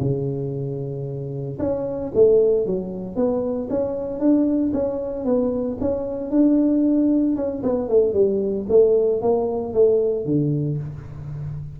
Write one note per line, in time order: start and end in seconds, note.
0.00 1.58 C#3
1.59 2.11 C#4
2.14 2.66 A3
2.66 3.15 F#3
3.15 3.68 B3
3.69 4.19 C#4
4.19 4.72 D4
4.73 5.25 C#4
5.25 5.77 B3
5.80 6.30 C#4
6.30 7.35 D4
7.36 7.62 C#4
7.63 7.88 B3
7.88 8.13 A3
8.13 8.66 G3
8.68 9.21 A3
9.21 9.73 A#3
9.73 10.25 A3
10.25 10.78 D3